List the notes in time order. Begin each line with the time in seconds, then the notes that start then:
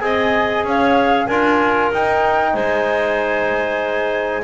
0.00 C4 G#4 D#5 G#5
0.65 C#4 C#5 F5
1.27 D4 F4 A#4 G#5
1.92 D#4 G5
2.54 G#3 C5 G#5